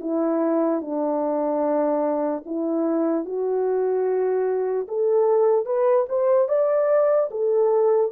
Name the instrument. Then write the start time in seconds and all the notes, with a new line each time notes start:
horn
0.00 E4
0.81 D4
2.45 E4
3.25 F#4
4.88 A4
5.65 B4
6.08 C5
6.48 D5
7.30 A4